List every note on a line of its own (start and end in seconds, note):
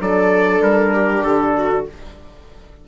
0.00 0.61 F#3
0.00 1.84 D4
0.00 0.94 A4
0.00 0.63 D5
0.61 1.22 G3
0.61 1.24 A#4
0.94 1.55 G4
1.24 1.86 D3
1.24 1.85 A4
1.57 1.88 F#4